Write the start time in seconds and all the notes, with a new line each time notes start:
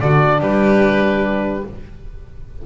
0.00 D3 D4 F#4 D5
0.40 G3 G4 B4